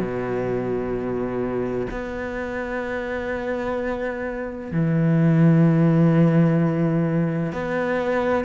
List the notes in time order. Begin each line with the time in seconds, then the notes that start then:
0.00 B2
1.91 B3
4.72 E3
7.53 B3